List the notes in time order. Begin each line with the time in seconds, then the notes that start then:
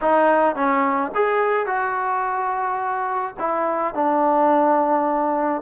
0.01 D#4
0.55 C#4
1.14 G#4
1.66 F#4
3.39 E4
3.94 D4